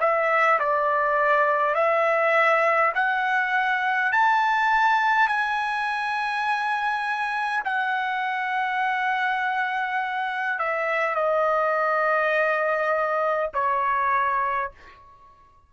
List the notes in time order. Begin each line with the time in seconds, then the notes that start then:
0.00 E5
0.59 D5
1.75 E5
2.95 F#5
4.12 A5
5.28 G#5
7.65 F#5
10.59 E5
11.15 D#5
13.53 C#5